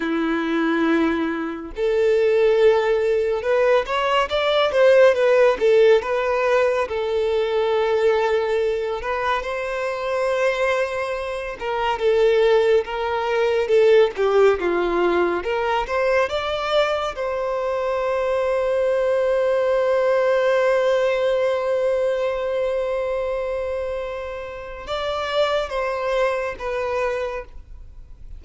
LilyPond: \new Staff \with { instrumentName = "violin" } { \time 4/4 \tempo 4 = 70 e'2 a'2 | b'8 cis''8 d''8 c''8 b'8 a'8 b'4 | a'2~ a'8 b'8 c''4~ | c''4. ais'8 a'4 ais'4 |
a'8 g'8 f'4 ais'8 c''8 d''4 | c''1~ | c''1~ | c''4 d''4 c''4 b'4 | }